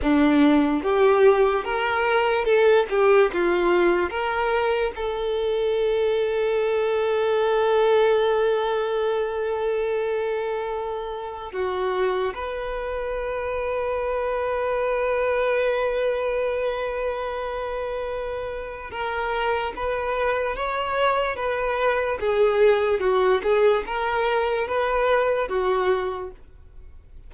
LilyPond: \new Staff \with { instrumentName = "violin" } { \time 4/4 \tempo 4 = 73 d'4 g'4 ais'4 a'8 g'8 | f'4 ais'4 a'2~ | a'1~ | a'2 fis'4 b'4~ |
b'1~ | b'2. ais'4 | b'4 cis''4 b'4 gis'4 | fis'8 gis'8 ais'4 b'4 fis'4 | }